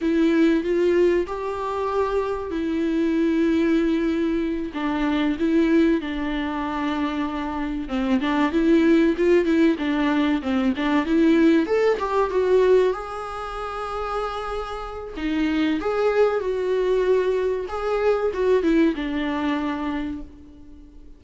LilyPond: \new Staff \with { instrumentName = "viola" } { \time 4/4 \tempo 4 = 95 e'4 f'4 g'2 | e'2.~ e'8 d'8~ | d'8 e'4 d'2~ d'8~ | d'8 c'8 d'8 e'4 f'8 e'8 d'8~ |
d'8 c'8 d'8 e'4 a'8 g'8 fis'8~ | fis'8 gis'2.~ gis'8 | dis'4 gis'4 fis'2 | gis'4 fis'8 e'8 d'2 | }